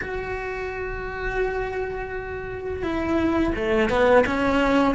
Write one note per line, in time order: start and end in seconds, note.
0.01 2.82 F#4
2.82 3.53 E4
3.55 3.89 A3
3.89 4.24 B3
4.26 4.94 C#4